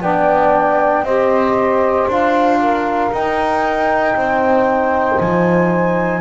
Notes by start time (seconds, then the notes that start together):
0.00 B3 D4 D5 G5
1.02 C4 G4 C5 D#5
2.07 D4 F4 F5
2.61 A#4
3.11 D#4 G5
4.15 C4 C5
5.18 F3 G#5